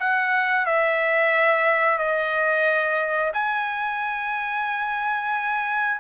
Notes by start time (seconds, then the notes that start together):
0.00 F#5
0.66 E5
1.98 D#5
3.33 G#5